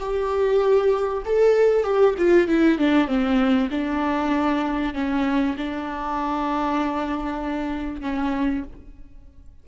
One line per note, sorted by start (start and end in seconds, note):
0.00 1.24 G4
1.26 1.84 A4
1.84 2.15 G4
2.18 2.48 F4
2.48 2.79 E4
2.79 3.08 D4
3.08 3.70 C4
3.71 4.95 D4
4.95 5.56 C#4
5.58 8.02 D4
8.02 8.64 C#4